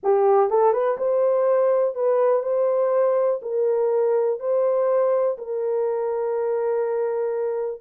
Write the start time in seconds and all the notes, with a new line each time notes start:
0.03 G4
0.50 A4
0.73 B4
0.97 C5
1.94 B4
2.43 C5
3.42 A#4
4.39 C5
5.38 A#4